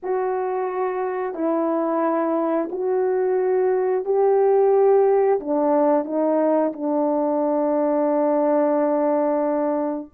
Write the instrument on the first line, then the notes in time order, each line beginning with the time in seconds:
horn
0.02 F#4
1.34 E4
2.71 F#4
4.04 G4
5.40 D4
6.05 D#4
6.72 D4